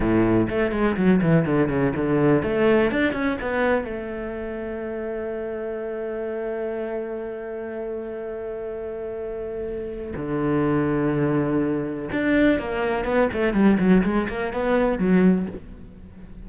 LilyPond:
\new Staff \with { instrumentName = "cello" } { \time 4/4 \tempo 4 = 124 a,4 a8 gis8 fis8 e8 d8 cis8 | d4 a4 d'8 cis'8 b4 | a1~ | a1~ |
a1~ | a4 d2.~ | d4 d'4 ais4 b8 a8 | g8 fis8 gis8 ais8 b4 fis4 | }